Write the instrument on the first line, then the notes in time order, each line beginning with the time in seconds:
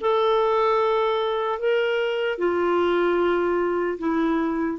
clarinet
0.00 A4
1.59 A#4
2.38 F4
3.98 E4